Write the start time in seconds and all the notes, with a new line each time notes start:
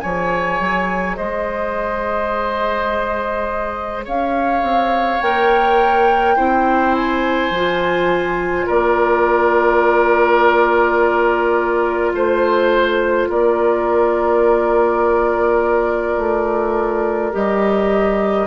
0.00 F3 G#4 C#5 G#5
0.60 F#3
1.16 G#3 C5 D#5
4.05 C#4 C#5 F5
4.63 C4
5.22 A#3 A#4 G5
6.36 C4 E4 C5
6.95 G#5
7.51 F3 F4
8.66 A#3 A#4 D5
12.14 A3 C5
13.29 A#3 A#4 D5
16.17 A3
17.33 G3 G4 D#5